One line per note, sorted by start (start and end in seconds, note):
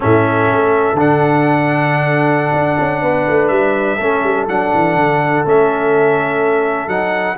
0.00 0.51 A2
0.00 0.96 C#4
0.00 3.01 A4
0.00 0.99 E5
0.51 0.93 A3
0.93 2.51 D3
0.93 3.99 D4
0.93 3.48 F#5
2.52 2.77 D4
2.79 3.02 C#4
3.01 3.26 B3
3.01 3.97 B4
3.28 3.49 A3
3.48 3.98 G3
3.48 4.44 E5
3.97 4.23 A3
3.97 4.48 C#4
3.97 7.35 A4
4.23 4.47 G3
4.48 4.72 F#3
4.48 5.44 D4
4.48 5.45 F#5
4.73 4.95 E3
4.95 5.44 D3
5.44 6.87 A3
5.44 6.88 C#4
5.44 6.88 E5
6.87 7.35 F#3
6.87 7.36 D#4
6.87 7.37 F#5